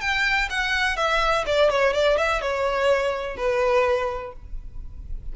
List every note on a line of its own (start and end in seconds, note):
0.00 0.48 G5
0.50 0.96 F#5
0.96 1.44 E5
1.46 1.70 D5
1.70 1.93 C#5
1.93 2.17 D5
2.17 2.41 E5
2.41 3.36 C#5
3.36 4.32 B4